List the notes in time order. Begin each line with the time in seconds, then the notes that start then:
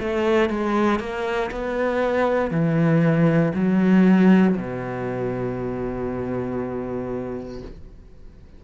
0.00 A3
0.50 G#3
1.00 A#3
1.52 B3
2.51 E3
3.55 F#3
4.57 B2